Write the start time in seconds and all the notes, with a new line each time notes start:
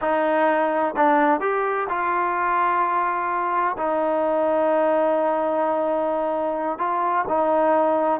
0.01 D#4
0.96 D4
1.40 G4
1.89 F4
3.77 D#4
6.78 F4
7.28 D#4